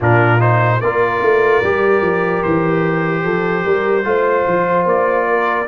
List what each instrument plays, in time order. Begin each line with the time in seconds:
0.00 tuba A#2, trombone D4, horn F4, trumpet A#4
0.39 trombone D#4, trumpet C5
0.80 tuba A#3, trombone F4, horn A#4, trumpet D5
1.22 tuba A3
1.62 tuba G3, trombone G4
2.01 tuba F3
2.43 tuba E3, trumpet C5
3.23 tuba F3, horn A4
3.64 tuba G3, horn A#4
4.04 tuba A3, trombone F4, horn C5
4.46 tuba F3
4.85 tuba A#3, trumpet D5
5.28 horn A#4